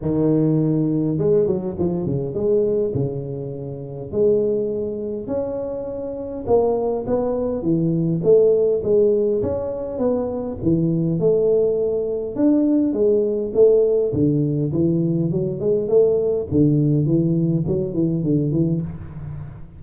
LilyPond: \new Staff \with { instrumentName = "tuba" } { \time 4/4 \tempo 4 = 102 dis2 gis8 fis8 f8 cis8 | gis4 cis2 gis4~ | gis4 cis'2 ais4 | b4 e4 a4 gis4 |
cis'4 b4 e4 a4~ | a4 d'4 gis4 a4 | d4 e4 fis8 gis8 a4 | d4 e4 fis8 e8 d8 e8 | }